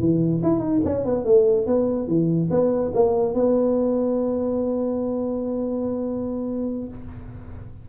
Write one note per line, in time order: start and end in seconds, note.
0.00 0.42 E3
0.43 0.60 E4
0.60 0.81 D#4
0.85 1.05 C#4
1.05 1.25 B3
1.25 1.67 A3
1.67 2.08 B3
2.08 2.50 E3
2.51 2.92 B3
2.95 3.34 A#3
3.34 6.88 B3